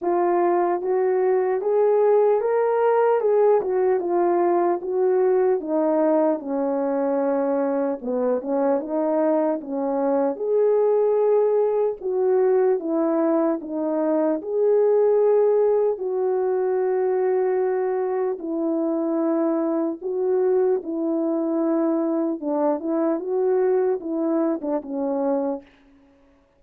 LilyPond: \new Staff \with { instrumentName = "horn" } { \time 4/4 \tempo 4 = 75 f'4 fis'4 gis'4 ais'4 | gis'8 fis'8 f'4 fis'4 dis'4 | cis'2 b8 cis'8 dis'4 | cis'4 gis'2 fis'4 |
e'4 dis'4 gis'2 | fis'2. e'4~ | e'4 fis'4 e'2 | d'8 e'8 fis'4 e'8. d'16 cis'4 | }